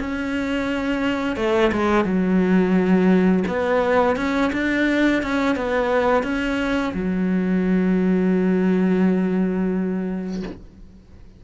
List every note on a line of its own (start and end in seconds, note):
0.00 1.36 C#4
1.36 1.71 A3
1.72 2.05 G#3
2.05 3.44 F#3
3.47 4.16 B3
4.16 4.51 C#4
4.53 5.23 D4
5.23 5.56 C#4
5.56 6.23 B3
6.23 6.93 C#4
6.94 10.43 F#3